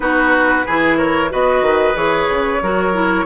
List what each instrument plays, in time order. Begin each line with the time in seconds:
0.00 bassoon B3, clarinet D#4, oboe F#4, flute B4
0.65 bassoon E3, clarinet E4, oboe G#4
0.97 oboe A#4, flute C#5
1.29 bassoon B3, clarinet F#4, oboe B4, flute D#5
1.61 bassoon D#3
1.94 bassoon E3, clarinet G#4, flute C#5
2.28 bassoon C#3
2.62 bassoon F#3, clarinet F#4, oboe A#4
2.93 clarinet E4